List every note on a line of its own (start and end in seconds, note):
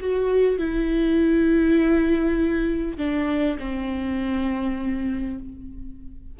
0.00 0.58 F#4
0.58 2.98 E4
2.98 3.58 D4
3.58 5.38 C4